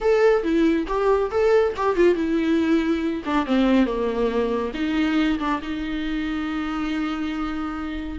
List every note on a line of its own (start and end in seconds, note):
0.00 0.43 A4
0.43 0.86 E4
0.87 1.30 G4
1.30 1.73 A4
1.76 1.95 G4
1.95 2.14 F4
2.14 3.22 E4
3.25 3.46 D4
3.46 3.85 C4
3.85 4.72 A#3
4.74 5.38 D#4
5.39 5.61 D4
5.62 8.19 D#4